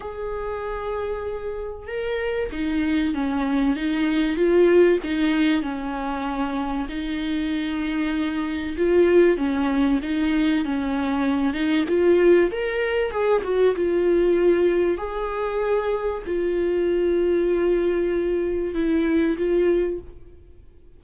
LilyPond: \new Staff \with { instrumentName = "viola" } { \time 4/4 \tempo 4 = 96 gis'2. ais'4 | dis'4 cis'4 dis'4 f'4 | dis'4 cis'2 dis'4~ | dis'2 f'4 cis'4 |
dis'4 cis'4. dis'8 f'4 | ais'4 gis'8 fis'8 f'2 | gis'2 f'2~ | f'2 e'4 f'4 | }